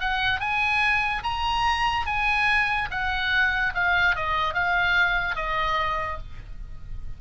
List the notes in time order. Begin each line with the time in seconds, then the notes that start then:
0.00 F#5
0.40 G#5
1.23 A#5
2.06 G#5
2.91 F#5
3.74 F5
4.15 D#5
4.54 F5
5.35 D#5